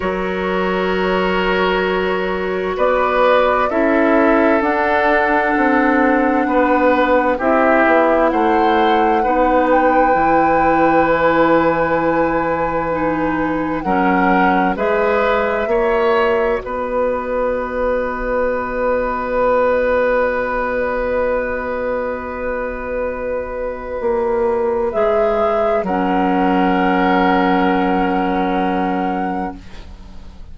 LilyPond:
<<
  \new Staff \with { instrumentName = "flute" } { \time 4/4 \tempo 4 = 65 cis''2. d''4 | e''4 fis''2. | e''4 fis''4. g''4. | gis''2. fis''4 |
e''2 dis''2~ | dis''1~ | dis''2. e''4 | fis''1 | }
  \new Staff \with { instrumentName = "oboe" } { \time 4/4 ais'2. b'4 | a'2. b'4 | g'4 c''4 b'2~ | b'2. ais'4 |
b'4 cis''4 b'2~ | b'1~ | b'1 | ais'1 | }
  \new Staff \with { instrumentName = "clarinet" } { \time 4/4 fis'1 | e'4 d'2. | e'2 dis'4 e'4~ | e'2 dis'4 cis'4 |
gis'4 fis'2.~ | fis'1~ | fis'2. gis'4 | cis'1 | }
  \new Staff \with { instrumentName = "bassoon" } { \time 4/4 fis2. b4 | cis'4 d'4 c'4 b4 | c'8 b8 a4 b4 e4~ | e2. fis4 |
gis4 ais4 b2~ | b1~ | b2 ais4 gis4 | fis1 | }
>>